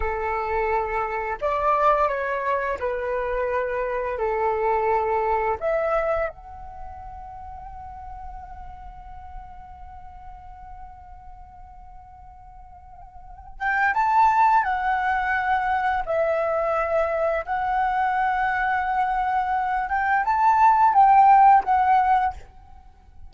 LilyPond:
\new Staff \with { instrumentName = "flute" } { \time 4/4 \tempo 4 = 86 a'2 d''4 cis''4 | b'2 a'2 | e''4 fis''2.~ | fis''1~ |
fis''2.~ fis''8 g''8 | a''4 fis''2 e''4~ | e''4 fis''2.~ | fis''8 g''8 a''4 g''4 fis''4 | }